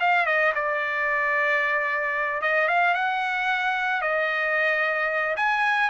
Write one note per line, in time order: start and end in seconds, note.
0.00 0.26 F5
0.26 0.53 D#5
0.55 2.42 D5
2.42 2.68 D#5
2.68 2.95 F5
2.95 4.02 F#5
4.02 5.36 D#5
5.37 5.90 G#5